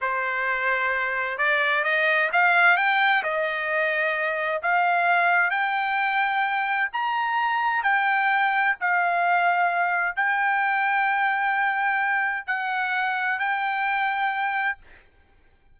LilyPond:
\new Staff \with { instrumentName = "trumpet" } { \time 4/4 \tempo 4 = 130 c''2. d''4 | dis''4 f''4 g''4 dis''4~ | dis''2 f''2 | g''2. ais''4~ |
ais''4 g''2 f''4~ | f''2 g''2~ | g''2. fis''4~ | fis''4 g''2. | }